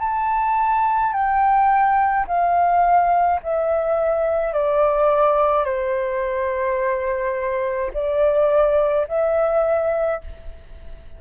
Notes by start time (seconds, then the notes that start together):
0.00 A5
1.13 G5
2.27 F5
3.43 E5
4.53 D5
5.65 C5
7.94 D5
9.08 E5